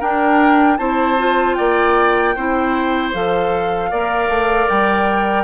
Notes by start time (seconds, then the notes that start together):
0.00 D4 A#4 G5
0.78 C4 E4 C5 A5
1.18 F4
1.55 A#3 D5 G5
2.36 C4 E4 C5
3.14 F3 A4 F5
3.91 A#3 A#4 D5
4.29 A3
4.69 G3 G5